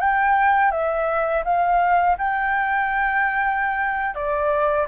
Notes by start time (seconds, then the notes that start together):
0.00 G5
0.71 E5
1.44 F5
2.18 G5
4.14 D5